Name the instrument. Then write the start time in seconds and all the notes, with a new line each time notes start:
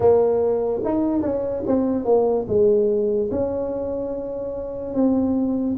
tuba
0.00 A#3
0.84 D#4
1.21 C#4
1.67 C4
2.04 A#3
2.47 G#3
3.31 C#4
4.94 C4